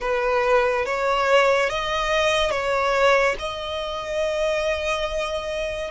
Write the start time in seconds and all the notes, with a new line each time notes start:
0.00 B4
0.85 C#5
1.69 D#5
2.50 C#5
3.38 D#5